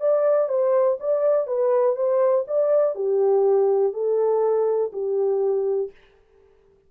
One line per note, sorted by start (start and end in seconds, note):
0.00 0.48 D5
0.48 0.97 C5
0.99 1.47 D5
1.47 1.95 B4
1.95 2.45 C5
2.47 2.95 D5
2.95 3.93 G4
3.93 4.91 A4
4.92 5.91 G4